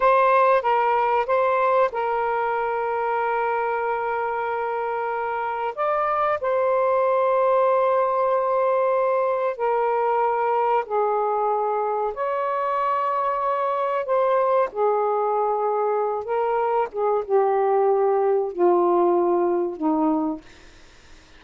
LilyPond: \new Staff \with { instrumentName = "saxophone" } { \time 4/4 \tempo 4 = 94 c''4 ais'4 c''4 ais'4~ | ais'1~ | ais'4 d''4 c''2~ | c''2. ais'4~ |
ais'4 gis'2 cis''4~ | cis''2 c''4 gis'4~ | gis'4. ais'4 gis'8 g'4~ | g'4 f'2 dis'4 | }